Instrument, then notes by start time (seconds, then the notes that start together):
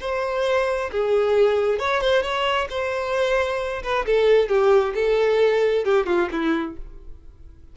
violin
0.00 C5
0.91 G#4
1.79 C#5
2.01 C5
2.22 C#5
2.70 C5
3.83 B4
4.06 A4
4.48 G4
4.94 A4
5.85 G4
6.06 F4
6.32 E4